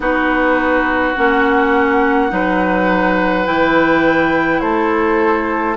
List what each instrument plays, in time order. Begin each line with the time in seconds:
0.00 bassoon B3, clarinet D#4, oboe F#4, flute B4
1.16 bassoon A#3, clarinet C#4, flute F#5
2.29 bassoon F#3, clarinet D#4, oboe B4
3.44 bassoon E3, clarinet E4, flute G5
4.60 bassoon A3, oboe A4, flute C5